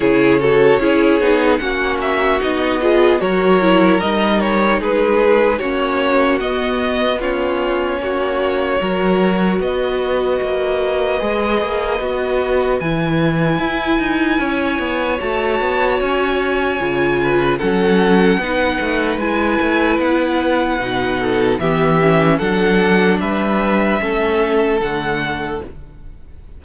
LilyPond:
<<
  \new Staff \with { instrumentName = "violin" } { \time 4/4 \tempo 4 = 75 cis''2 fis''8 e''8 dis''4 | cis''4 dis''8 cis''8 b'4 cis''4 | dis''4 cis''2. | dis''1 |
gis''2. a''4 | gis''2 fis''2 | gis''4 fis''2 e''4 | fis''4 e''2 fis''4 | }
  \new Staff \with { instrumentName = "violin" } { \time 4/4 gis'8 a'8 gis'4 fis'4. gis'8 | ais'2 gis'4 fis'4~ | fis'4 f'4 fis'4 ais'4 | b'1~ |
b'2 cis''2~ | cis''4. b'8 a'4 b'4~ | b'2~ b'8 a'8 g'4 | a'4 b'4 a'2 | }
  \new Staff \with { instrumentName = "viola" } { \time 4/4 e'8 fis'8 e'8 dis'8 cis'4 dis'8 f'8 | fis'8 e'8 dis'2 cis'4 | b4 cis'2 fis'4~ | fis'2 gis'4 fis'4 |
e'2. fis'4~ | fis'4 f'4 cis'4 dis'4 | e'2 dis'4 b8 cis'8 | d'2 cis'4 a4 | }
  \new Staff \with { instrumentName = "cello" } { \time 4/4 cis4 cis'8 b8 ais4 b4 | fis4 g4 gis4 ais4 | b2 ais4 fis4 | b4 ais4 gis8 ais8 b4 |
e4 e'8 dis'8 cis'8 b8 a8 b8 | cis'4 cis4 fis4 b8 a8 | gis8 a8 b4 b,4 e4 | fis4 g4 a4 d4 | }
>>